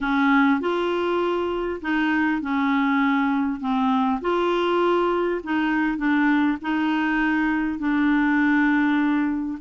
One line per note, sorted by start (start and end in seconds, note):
0.00 0.60 C#4
0.60 1.80 F4
1.81 2.41 D#4
2.41 3.60 C#4
3.60 4.20 C4
4.21 5.41 F4
5.43 5.97 D#4
5.97 6.57 D4
6.61 7.78 D#4
7.78 9.58 D4